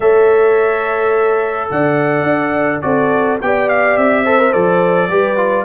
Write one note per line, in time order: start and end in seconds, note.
0.00 1.69 A3
0.00 2.82 A4
0.00 1.70 C#5
0.00 1.70 E5
1.70 2.22 D3
1.70 2.84 D5
1.70 2.81 F#5
2.22 2.79 D4
2.81 3.40 C4
2.81 3.38 F#4
2.81 3.40 A4
2.81 3.37 D5
3.41 3.97 B3
3.41 4.25 G4
3.41 4.24 D5
3.41 3.68 G5
3.68 3.97 F5
3.97 4.54 C4
3.97 4.52 E5
4.24 4.38 A4
4.24 5.08 C5
4.38 4.51 A#4
4.51 5.08 F3
4.51 5.08 A4
4.51 5.64 D5
5.08 5.64 G3
5.08 5.36 G4
5.08 5.64 B4
5.36 5.64 F4